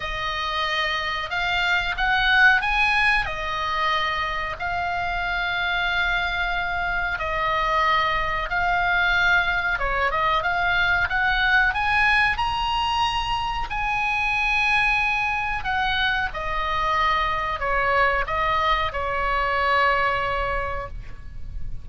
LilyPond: \new Staff \with { instrumentName = "oboe" } { \time 4/4 \tempo 4 = 92 dis''2 f''4 fis''4 | gis''4 dis''2 f''4~ | f''2. dis''4~ | dis''4 f''2 cis''8 dis''8 |
f''4 fis''4 gis''4 ais''4~ | ais''4 gis''2. | fis''4 dis''2 cis''4 | dis''4 cis''2. | }